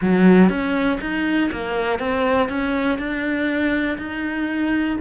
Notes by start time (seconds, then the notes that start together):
0.01 F#3
0.49 C#4
1.01 D#4
1.52 A#3
1.99 C4
2.48 C#4
2.98 D4
3.98 D#4